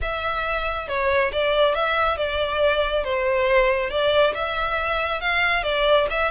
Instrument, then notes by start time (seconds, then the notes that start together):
violin
0.01 E5
0.88 C#5
1.32 D5
1.75 E5
2.17 D5
3.04 C5
3.90 D5
4.34 E5
5.21 F5
5.63 D5
6.09 E5